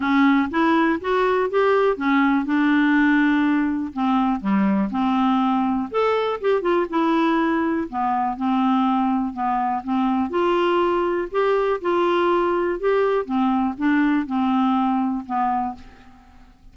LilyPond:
\new Staff \with { instrumentName = "clarinet" } { \time 4/4 \tempo 4 = 122 cis'4 e'4 fis'4 g'4 | cis'4 d'2. | c'4 g4 c'2 | a'4 g'8 f'8 e'2 |
b4 c'2 b4 | c'4 f'2 g'4 | f'2 g'4 c'4 | d'4 c'2 b4 | }